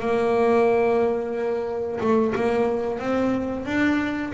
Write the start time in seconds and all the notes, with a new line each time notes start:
0.00 A#3
2.01 A3
2.35 A#3
2.99 C4
3.66 D4